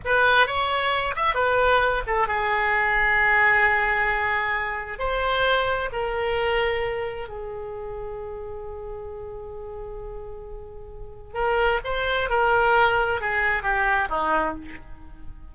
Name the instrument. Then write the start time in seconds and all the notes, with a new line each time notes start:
oboe
0.04 B4
0.46 C#5
1.15 E5
1.34 B4
2.06 A4
2.27 G#4
4.98 C5
5.92 A#4
7.28 G#4
11.34 A#4
11.84 C5
12.29 A#4
13.20 G#4
13.62 G4
14.09 D#4